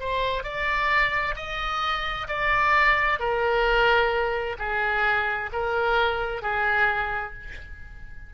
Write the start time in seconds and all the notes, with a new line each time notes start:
0.00 C5
0.44 D5
1.36 D#5
2.28 D5
3.20 A#4
4.59 G#4
5.53 A#4
6.43 G#4